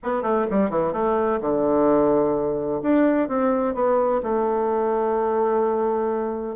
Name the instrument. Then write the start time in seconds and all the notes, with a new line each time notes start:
bassoon
0.03 B3
0.22 A3
0.50 G3
0.70 E3
0.92 A3
1.40 D3
2.82 D4
3.28 C4
3.74 B3
4.22 A3